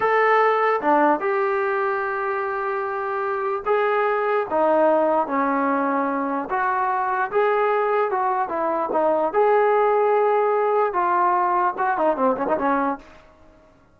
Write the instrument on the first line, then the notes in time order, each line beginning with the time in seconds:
trombone
0.00 A4
0.81 D4
1.20 G4
3.65 G#4
4.50 D#4
5.27 C#4
6.49 F#4
7.31 G#4
8.10 F#4
8.48 E4
8.92 D#4
9.33 G#4
10.93 F4
11.78 F#4
11.97 D#4
12.16 C4
12.36 C#4
12.47 D#4
12.58 C#4